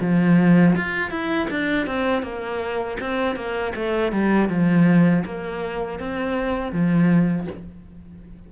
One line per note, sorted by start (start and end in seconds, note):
0.00 0.75 F3
0.75 1.10 F4
1.10 1.48 E4
1.50 1.86 D4
1.86 2.22 C4
2.22 2.97 A#3
3.00 3.35 C4
3.35 3.73 A#3
3.75 4.12 A3
4.12 4.49 G3
4.49 5.24 F3
5.25 5.99 A#3
5.99 6.72 C4
6.72 7.47 F3